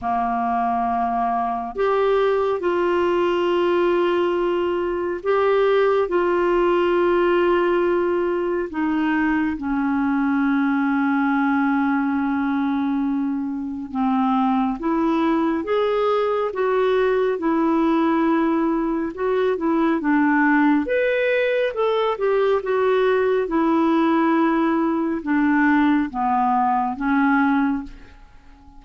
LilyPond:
\new Staff \with { instrumentName = "clarinet" } { \time 4/4 \tempo 4 = 69 ais2 g'4 f'4~ | f'2 g'4 f'4~ | f'2 dis'4 cis'4~ | cis'1 |
c'4 e'4 gis'4 fis'4 | e'2 fis'8 e'8 d'4 | b'4 a'8 g'8 fis'4 e'4~ | e'4 d'4 b4 cis'4 | }